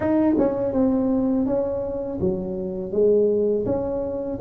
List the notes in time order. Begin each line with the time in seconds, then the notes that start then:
0.00 D#4
0.38 C#4
0.73 C4
1.46 C#4
2.20 F#3
2.92 G#3
3.65 C#4